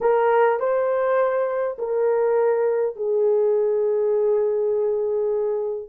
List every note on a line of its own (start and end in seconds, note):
0.01 0.59 A#4
0.59 1.77 C5
1.78 2.96 A#4
2.96 5.89 G#4